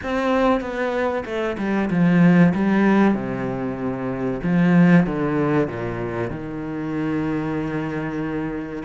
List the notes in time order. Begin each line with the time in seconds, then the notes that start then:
0.03 C4
0.60 B3
1.25 A3
1.58 G3
1.90 F3
2.54 G3
3.14 C3
4.43 F3
5.06 D3
5.68 A#2
6.30 D#3